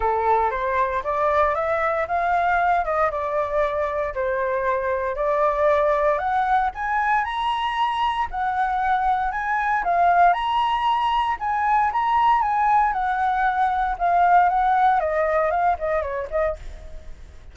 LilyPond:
\new Staff \with { instrumentName = "flute" } { \time 4/4 \tempo 4 = 116 a'4 c''4 d''4 e''4 | f''4. dis''8 d''2 | c''2 d''2 | fis''4 gis''4 ais''2 |
fis''2 gis''4 f''4 | ais''2 gis''4 ais''4 | gis''4 fis''2 f''4 | fis''4 dis''4 f''8 dis''8 cis''8 dis''8 | }